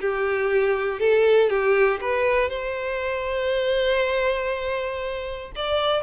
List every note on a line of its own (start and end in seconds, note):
0.00 0.99 G4
0.99 1.49 A4
1.49 1.99 G4
2.00 2.49 B4
2.49 5.51 C5
5.55 6.02 D5